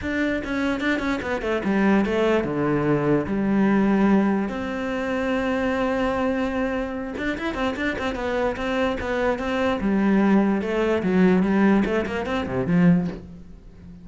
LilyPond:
\new Staff \with { instrumentName = "cello" } { \time 4/4 \tempo 4 = 147 d'4 cis'4 d'8 cis'8 b8 a8 | g4 a4 d2 | g2. c'4~ | c'1~ |
c'4. d'8 e'8 c'8 d'8 c'8 | b4 c'4 b4 c'4 | g2 a4 fis4 | g4 a8 ais8 c'8 c8 f4 | }